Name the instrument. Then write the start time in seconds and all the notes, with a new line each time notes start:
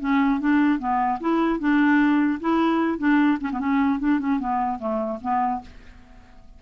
clarinet
0.00 C#4
0.40 D4
0.79 B3
1.20 E4
1.60 D4
2.40 E4
2.98 D4
3.41 C#4
3.52 B3
3.60 C#4
4.00 D4
4.19 C#4
4.40 B3
4.79 A3
5.22 B3